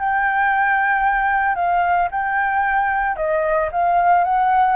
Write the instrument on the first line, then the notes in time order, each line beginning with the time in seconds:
flute
0.00 G5
1.56 F5
2.11 G5
3.17 D#5
3.72 F5
4.25 F#5